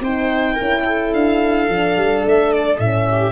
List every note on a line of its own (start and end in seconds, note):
0.00 0.56 C4
0.00 0.58 D#4
0.00 0.53 C5
0.00 1.13 G5
0.53 1.68 E4
0.53 0.81 A#4
0.60 1.13 C#4
0.85 3.07 A4
1.13 1.68 D4
1.13 2.24 F5
1.68 1.96 F3
1.68 2.79 D4
1.96 2.24 G3
2.25 2.78 A3
2.25 2.52 E5
2.52 2.80 D5
2.78 3.32 A2
2.78 3.32 C#4
2.78 3.32 E5
3.09 3.32 G4